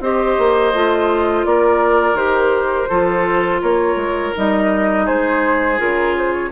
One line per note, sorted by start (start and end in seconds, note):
0.00 0.36 C4
0.00 0.74 G4
0.00 1.47 C5
0.00 1.45 D#5
0.38 0.73 A#3
0.73 1.45 A3
0.73 2.15 F4
1.45 2.14 A#3
1.45 2.89 A#4
1.45 2.16 D5
2.14 2.86 D#3
2.14 2.88 G4
2.14 3.61 C5
2.89 3.62 F3
2.89 4.34 F4
2.89 3.61 A4
3.61 3.95 A#3
3.61 5.05 A#4
3.61 4.34 C#5
3.95 4.31 G#3
4.34 5.08 G3
4.34 5.77 D#4
4.34 5.06 D#5
5.05 5.80 G#3
5.05 6.49 G#4
5.05 5.79 C5
5.77 6.51 C#3
5.77 6.50 F4
5.77 6.15 A#4
6.18 6.33 C5
6.33 6.51 C#5